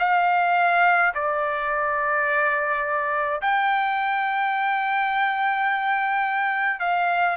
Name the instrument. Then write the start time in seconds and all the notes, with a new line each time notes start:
trumpet
0.00 F5
1.15 D5
3.42 G5
6.80 F5